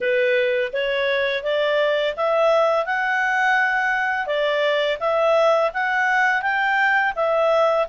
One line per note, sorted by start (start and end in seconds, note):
0.00 0.72 B4
0.72 1.43 C#5
1.43 2.14 D5
2.16 2.85 E5
2.85 4.26 F#5
4.26 4.97 D5
5.00 5.71 E5
5.73 6.42 F#5
6.42 7.13 G5
7.15 7.86 E5